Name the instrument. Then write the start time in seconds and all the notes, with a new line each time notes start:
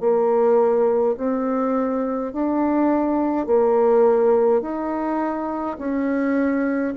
bassoon
0.00 A#3
1.17 C4
2.33 D4
3.47 A#3
4.62 D#4
5.78 C#4